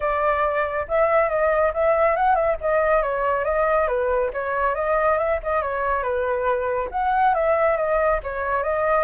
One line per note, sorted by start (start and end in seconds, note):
0.00 0.86 D5
0.88 1.29 E5
1.29 1.72 D#5
1.73 2.16 E5
2.16 2.35 F#5
2.35 2.56 E5
2.60 3.02 D#5
3.02 3.44 C#5
3.44 3.87 D#5
3.87 4.30 B4
4.33 4.74 C#5
4.74 5.18 D#5
5.18 5.39 E5
5.43 5.62 D#5
5.62 6.02 C#5
6.02 6.89 B4
6.91 7.34 F#5
7.34 7.76 E5
7.76 8.19 D#5
8.23 8.63 C#5
8.63 9.04 D#5